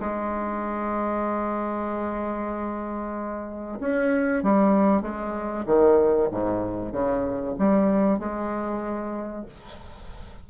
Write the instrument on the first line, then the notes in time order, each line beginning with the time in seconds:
bassoon
0.00 G#3
3.80 C#4
4.43 G3
5.02 G#3
5.66 D#3
6.31 G#2
6.92 C#3
7.58 G3
8.19 G#3